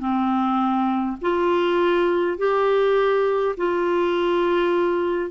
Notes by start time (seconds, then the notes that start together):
0.00 C4
1.22 F4
2.38 G4
3.57 F4